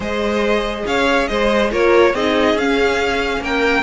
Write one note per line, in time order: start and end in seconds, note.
0.00 0.84 G#3
0.00 1.69 G#4
0.00 0.85 C5
0.00 0.87 D#5
0.85 1.28 C#4
0.85 1.29 C#5
0.85 1.27 F5
1.27 1.71 G#3
1.27 1.70 C5
1.27 1.70 D#5
1.70 2.14 A#3
1.70 2.13 F4
1.70 2.13 A#4
1.70 2.15 C#5
2.14 2.54 C4
2.14 2.59 D#4
2.14 3.41 G#4
2.14 2.57 D#5
2.54 3.40 C#4
2.54 3.83 C#4
2.54 3.43 F5
3.40 3.83 A#3
3.40 3.83 A#4
3.40 3.83 G5